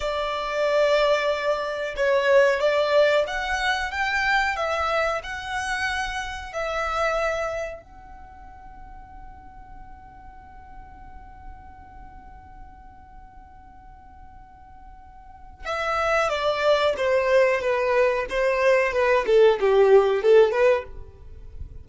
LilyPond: \new Staff \with { instrumentName = "violin" } { \time 4/4 \tempo 4 = 92 d''2. cis''4 | d''4 fis''4 g''4 e''4 | fis''2 e''2 | fis''1~ |
fis''1~ | fis''1 | e''4 d''4 c''4 b'4 | c''4 b'8 a'8 g'4 a'8 b'8 | }